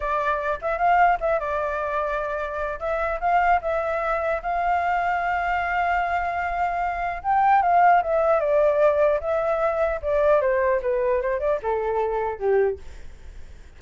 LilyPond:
\new Staff \with { instrumentName = "flute" } { \time 4/4 \tempo 4 = 150 d''4. e''8 f''4 e''8 d''8~ | d''2. e''4 | f''4 e''2 f''4~ | f''1~ |
f''2 g''4 f''4 | e''4 d''2 e''4~ | e''4 d''4 c''4 b'4 | c''8 d''8 a'2 g'4 | }